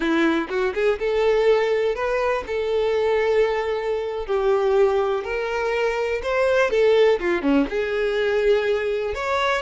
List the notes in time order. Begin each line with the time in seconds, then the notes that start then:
0.00 E4
0.49 F#4
0.74 G#4
0.99 A4
1.95 B4
2.46 A4
4.26 G4
5.24 A#4
6.22 C5
6.70 A4
7.19 F4
7.42 C#4
7.69 G#4
9.14 C#5